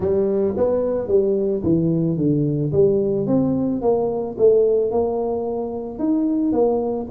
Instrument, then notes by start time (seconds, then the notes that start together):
tuba
0.00 G3
0.56 B3
1.07 G3
1.63 E3
2.17 D3
2.72 G3
3.27 C4
3.81 A#3
4.38 A3
4.91 A#3
5.98 D#4
6.52 A#3